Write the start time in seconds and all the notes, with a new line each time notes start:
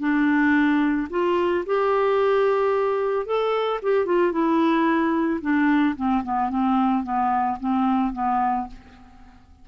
0.00 D4
1.11 F4
1.67 G4
3.26 A4
3.83 G4
4.06 F4
4.32 E4
5.42 D4
5.96 C4
6.24 B3
6.50 C4
7.04 B3
7.60 C4
8.14 B3